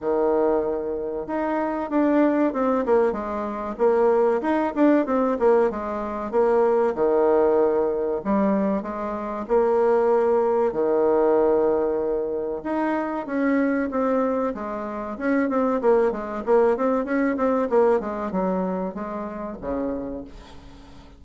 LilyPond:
\new Staff \with { instrumentName = "bassoon" } { \time 4/4 \tempo 4 = 95 dis2 dis'4 d'4 | c'8 ais8 gis4 ais4 dis'8 d'8 | c'8 ais8 gis4 ais4 dis4~ | dis4 g4 gis4 ais4~ |
ais4 dis2. | dis'4 cis'4 c'4 gis4 | cis'8 c'8 ais8 gis8 ais8 c'8 cis'8 c'8 | ais8 gis8 fis4 gis4 cis4 | }